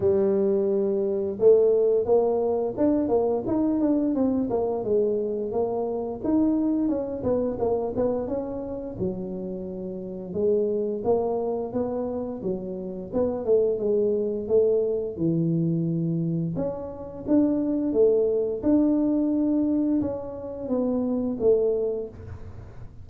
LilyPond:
\new Staff \with { instrumentName = "tuba" } { \time 4/4 \tempo 4 = 87 g2 a4 ais4 | d'8 ais8 dis'8 d'8 c'8 ais8 gis4 | ais4 dis'4 cis'8 b8 ais8 b8 | cis'4 fis2 gis4 |
ais4 b4 fis4 b8 a8 | gis4 a4 e2 | cis'4 d'4 a4 d'4~ | d'4 cis'4 b4 a4 | }